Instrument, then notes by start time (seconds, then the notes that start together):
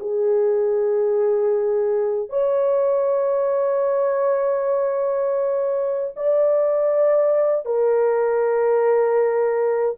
horn
0.00 G#4
2.29 C#5
6.16 D5
7.65 A#4